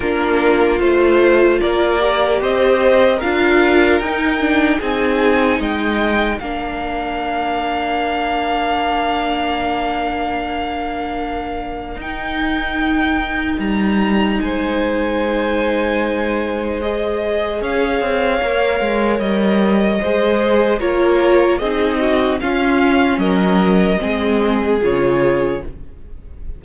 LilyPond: <<
  \new Staff \with { instrumentName = "violin" } { \time 4/4 \tempo 4 = 75 ais'4 c''4 d''4 dis''4 | f''4 g''4 gis''4 g''4 | f''1~ | f''2. g''4~ |
g''4 ais''4 gis''2~ | gis''4 dis''4 f''2 | dis''2 cis''4 dis''4 | f''4 dis''2 cis''4 | }
  \new Staff \with { instrumentName = "violin" } { \time 4/4 f'2 ais'4 c''4 | ais'2 gis'4 dis''4 | ais'1~ | ais'1~ |
ais'2 c''2~ | c''2 cis''2~ | cis''4 c''4 ais'4 gis'8 fis'8 | f'4 ais'4 gis'2 | }
  \new Staff \with { instrumentName = "viola" } { \time 4/4 d'4 f'4. g'4. | f'4 dis'8 d'8 dis'2 | d'1~ | d'2. dis'4~ |
dis'1~ | dis'4 gis'2 ais'4~ | ais'4 gis'4 f'4 dis'4 | cis'2 c'4 f'4 | }
  \new Staff \with { instrumentName = "cello" } { \time 4/4 ais4 a4 ais4 c'4 | d'4 dis'4 c'4 gis4 | ais1~ | ais2. dis'4~ |
dis'4 g4 gis2~ | gis2 cis'8 c'8 ais8 gis8 | g4 gis4 ais4 c'4 | cis'4 fis4 gis4 cis4 | }
>>